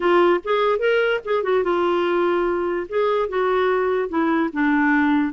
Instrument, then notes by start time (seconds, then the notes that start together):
clarinet
0.00 F4
0.43 G#4
0.79 A#4
1.24 G#4
1.43 F#4
1.63 F4
2.89 G#4
3.29 F#4
4.09 E4
4.52 D4